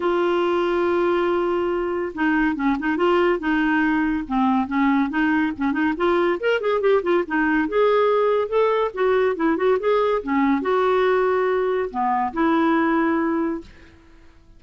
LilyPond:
\new Staff \with { instrumentName = "clarinet" } { \time 4/4 \tempo 4 = 141 f'1~ | f'4 dis'4 cis'8 dis'8 f'4 | dis'2 c'4 cis'4 | dis'4 cis'8 dis'8 f'4 ais'8 gis'8 |
g'8 f'8 dis'4 gis'2 | a'4 fis'4 e'8 fis'8 gis'4 | cis'4 fis'2. | b4 e'2. | }